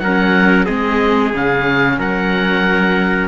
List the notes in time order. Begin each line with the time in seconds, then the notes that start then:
0.00 F#3 C#4 A#4 F#5
0.66 G#3 C4 G#4 D#5
1.34 C#3 C#4 F5
1.99 F#3 A#4 F#5